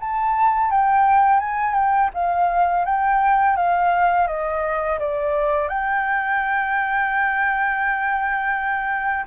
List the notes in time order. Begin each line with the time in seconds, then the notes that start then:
0.00 A5
0.71 G5
1.40 G#5
1.74 G5
2.14 F5
2.85 G5
3.56 F5
4.27 D#5
4.99 D5
5.69 G5